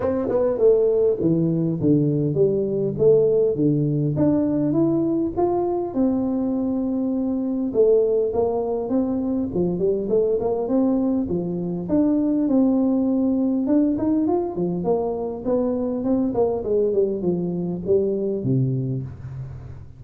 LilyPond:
\new Staff \with { instrumentName = "tuba" } { \time 4/4 \tempo 4 = 101 c'8 b8 a4 e4 d4 | g4 a4 d4 d'4 | e'4 f'4 c'2~ | c'4 a4 ais4 c'4 |
f8 g8 a8 ais8 c'4 f4 | d'4 c'2 d'8 dis'8 | f'8 f8 ais4 b4 c'8 ais8 | gis8 g8 f4 g4 c4 | }